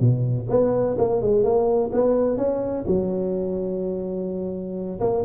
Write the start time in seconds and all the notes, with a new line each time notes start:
0.00 B2
0.49 B3
0.98 A#3
1.22 G#3
1.43 A#3
1.92 B3
2.37 C#4
2.87 F#3
5.00 A#3